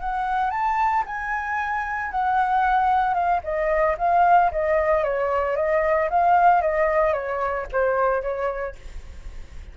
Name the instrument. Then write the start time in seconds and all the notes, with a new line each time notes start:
flute
0.00 F#5
0.50 A5
1.06 G#5
2.11 F#5
3.14 F5
3.43 D#5
3.98 F5
4.52 D#5
5.04 C#5
5.56 D#5
6.10 F5
6.61 D#5
7.13 C#5
7.72 C5
8.22 C#5